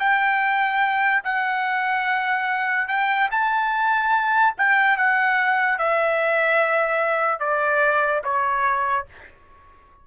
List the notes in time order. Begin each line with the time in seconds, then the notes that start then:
0.00 G5
1.24 F#5
2.88 G5
3.31 A5
4.58 G5
4.97 F#5
5.78 E5
7.40 D5
8.25 C#5